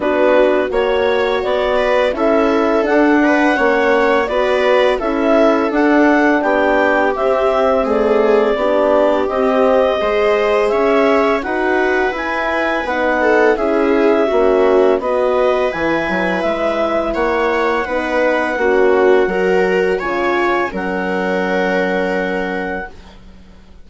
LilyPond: <<
  \new Staff \with { instrumentName = "clarinet" } { \time 4/4 \tempo 4 = 84 b'4 cis''4 d''4 e''4 | fis''2 d''4 e''4 | fis''4 g''4 e''4 d''4~ | d''4 dis''2 e''4 |
fis''4 gis''4 fis''4 e''4~ | e''4 dis''4 gis''4 e''4 | fis''1 | gis''4 fis''2. | }
  \new Staff \with { instrumentName = "viola" } { \time 4/4 fis'4 cis''4. b'8 a'4~ | a'8 b'8 cis''4 b'4 a'4~ | a'4 g'2 gis'4 | g'2 c''4 cis''4 |
b'2~ b'8 a'8 gis'4 | fis'4 b'2. | cis''4 b'4 fis'4 ais'4 | cis''4 ais'2. | }
  \new Staff \with { instrumentName = "horn" } { \time 4/4 d'4 fis'2 e'4 | d'4 cis'4 fis'4 e'4 | d'2 c'4 a4 | d'4 c'4 gis'2 |
fis'4 e'4 dis'4 e'4 | cis'4 fis'4 e'2~ | e'4 dis'4 cis'4 fis'4 | f'4 cis'2. | }
  \new Staff \with { instrumentName = "bassoon" } { \time 4/4 b4 ais4 b4 cis'4 | d'4 ais4 b4 cis'4 | d'4 b4 c'2 | b4 c'4 gis4 cis'4 |
dis'4 e'4 b4 cis'4 | ais4 b4 e8 fis8 gis4 | ais4 b4 ais4 fis4 | cis4 fis2. | }
>>